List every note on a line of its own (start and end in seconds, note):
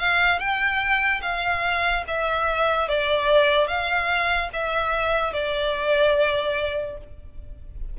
0.00 0.39 F5
0.39 1.21 G5
1.22 2.04 F5
2.08 2.88 E5
2.88 3.68 D5
3.68 4.50 F5
4.53 5.33 E5
5.33 6.98 D5